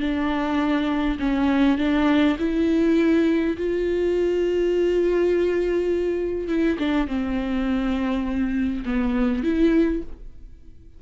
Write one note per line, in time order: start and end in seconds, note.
0.00 1.18 D4
1.19 1.78 C#4
1.78 2.37 D4
2.39 3.56 E4
3.57 6.48 F4
6.48 6.77 E4
6.79 7.07 D4
7.07 8.84 C4
8.85 9.43 B3
9.43 10.02 E4